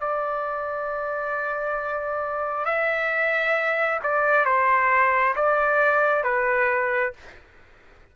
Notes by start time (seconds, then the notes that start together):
0.00 D5
2.65 E5
4.03 D5
4.45 C5
5.36 D5
6.24 B4